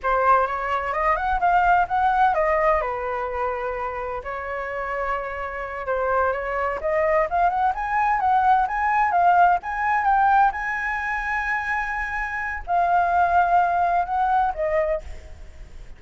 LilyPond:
\new Staff \with { instrumentName = "flute" } { \time 4/4 \tempo 4 = 128 c''4 cis''4 dis''8 fis''8 f''4 | fis''4 dis''4 b'2~ | b'4 cis''2.~ | cis''8 c''4 cis''4 dis''4 f''8 |
fis''8 gis''4 fis''4 gis''4 f''8~ | f''8 gis''4 g''4 gis''4.~ | gis''2. f''4~ | f''2 fis''4 dis''4 | }